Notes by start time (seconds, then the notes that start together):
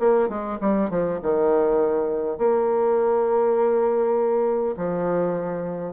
0.00 A#3
0.29 G#3
0.61 G3
0.90 F3
1.23 D#3
2.38 A#3
4.77 F3